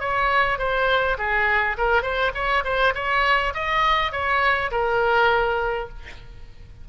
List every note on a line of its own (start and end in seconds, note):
0.00 0.58 C#5
0.58 1.17 C5
1.18 1.77 G#4
1.78 2.02 A#4
2.02 2.32 C5
2.34 2.64 C#5
2.64 2.94 C5
2.95 3.53 C#5
3.54 4.12 D#5
4.12 4.71 C#5
4.71 5.89 A#4